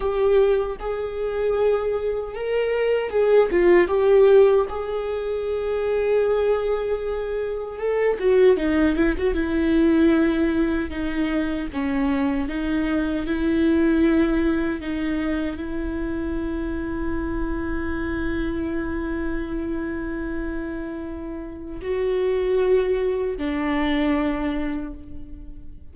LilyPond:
\new Staff \with { instrumentName = "viola" } { \time 4/4 \tempo 4 = 77 g'4 gis'2 ais'4 | gis'8 f'8 g'4 gis'2~ | gis'2 a'8 fis'8 dis'8 e'16 fis'16 | e'2 dis'4 cis'4 |
dis'4 e'2 dis'4 | e'1~ | e'1 | fis'2 d'2 | }